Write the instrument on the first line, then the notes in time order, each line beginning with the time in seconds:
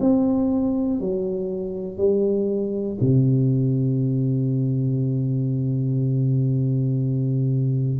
tuba
0.00 C4
1.00 F#3
1.98 G3
3.01 C3